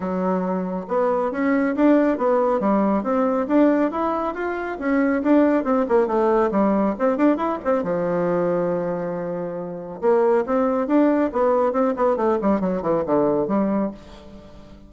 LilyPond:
\new Staff \with { instrumentName = "bassoon" } { \time 4/4 \tempo 4 = 138 fis2 b4 cis'4 | d'4 b4 g4 c'4 | d'4 e'4 f'4 cis'4 | d'4 c'8 ais8 a4 g4 |
c'8 d'8 e'8 c'8 f2~ | f2. ais4 | c'4 d'4 b4 c'8 b8 | a8 g8 fis8 e8 d4 g4 | }